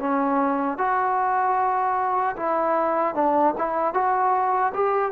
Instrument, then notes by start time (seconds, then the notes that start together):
trombone
0.00 C#4
0.78 F#4
2.37 E4
3.15 D4
3.58 E4
3.94 F#4
4.74 G4